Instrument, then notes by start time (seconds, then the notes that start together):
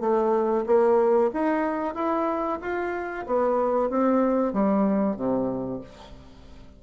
bassoon
0.00 A3
0.66 A#3
1.33 D#4
1.94 E4
2.61 F4
3.26 B3
3.90 C4
4.53 G3
5.16 C3